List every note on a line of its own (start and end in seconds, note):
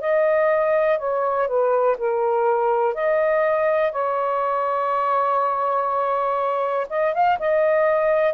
0.00 0.98 D#5
0.98 1.47 C#5
1.47 1.96 B4
1.97 2.94 A#4
2.94 3.92 D#5
3.92 6.87 C#5
6.89 7.14 D#5
7.14 7.38 F5
7.39 8.33 D#5